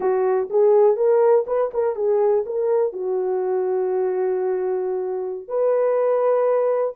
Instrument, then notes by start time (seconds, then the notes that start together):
horn
0.00 F#4
0.49 G#4
0.96 A#4
1.46 B4
1.73 A#4
1.95 G#4
2.45 A#4
2.92 F#4
5.47 B4